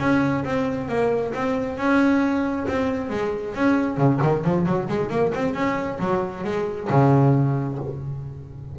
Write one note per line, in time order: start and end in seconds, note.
0.00 0.44 C#4
0.45 0.89 C4
0.89 1.33 A#3
1.34 1.78 C4
1.78 2.67 C#4
2.68 3.10 C4
3.10 3.55 G#3
3.55 3.98 C#4
3.98 4.20 C#3
4.23 4.45 D#3
4.45 4.66 F3
4.66 4.88 F#3
4.89 5.10 G#3
5.10 5.33 A#3
5.35 5.54 C4
5.54 5.99 C#4
6.00 6.44 F#3
6.44 6.89 G#3
6.90 7.79 C#3